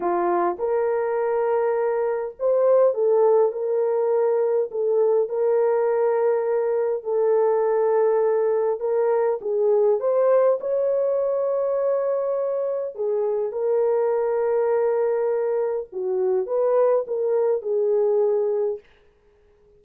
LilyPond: \new Staff \with { instrumentName = "horn" } { \time 4/4 \tempo 4 = 102 f'4 ais'2. | c''4 a'4 ais'2 | a'4 ais'2. | a'2. ais'4 |
gis'4 c''4 cis''2~ | cis''2 gis'4 ais'4~ | ais'2. fis'4 | b'4 ais'4 gis'2 | }